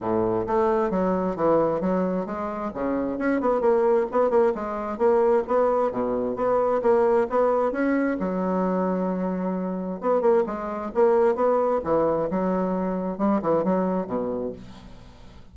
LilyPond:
\new Staff \with { instrumentName = "bassoon" } { \time 4/4 \tempo 4 = 132 a,4 a4 fis4 e4 | fis4 gis4 cis4 cis'8 b8 | ais4 b8 ais8 gis4 ais4 | b4 b,4 b4 ais4 |
b4 cis'4 fis2~ | fis2 b8 ais8 gis4 | ais4 b4 e4 fis4~ | fis4 g8 e8 fis4 b,4 | }